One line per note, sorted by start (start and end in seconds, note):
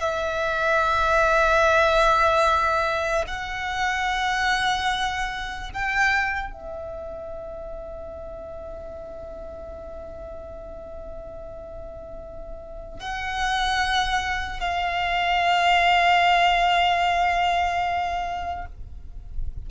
0.00 3.24 E5
3.27 5.70 F#5
5.73 6.53 G5
6.53 12.99 E5
12.99 14.60 F#5
14.60 18.65 F5